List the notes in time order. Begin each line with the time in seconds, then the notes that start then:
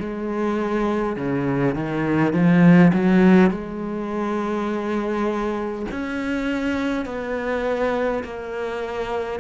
0.00 G#3
1.17 C#3
1.75 D#3
2.33 F3
2.94 F#3
3.51 G#3
5.91 C#4
7.06 B3
8.24 A#3